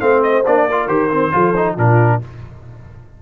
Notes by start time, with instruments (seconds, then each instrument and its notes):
0.00 tuba A3, trombone C4, horn C5, trumpet F5
0.23 trumpet D#5
0.46 tuba A#3, trombone D4, trumpet D5
0.67 trombone F4, horn A#4
0.88 tuba D#3, trombone G4, trumpet C5
1.11 trombone C4
1.32 tuba F3, trombone F4, horn A4
1.56 trombone D#4
1.75 tuba A#2, trombone D4, horn F4, trumpet A#4